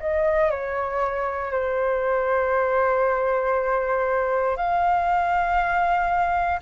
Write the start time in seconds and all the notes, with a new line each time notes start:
0.00 D#5
0.51 C#5
1.52 C5
4.57 F5